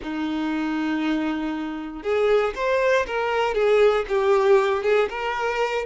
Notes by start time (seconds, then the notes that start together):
0.02 D#4
2.02 G#4
2.55 C5
3.06 A#4
3.54 G#4
4.08 G4
4.83 G#4
5.09 A#4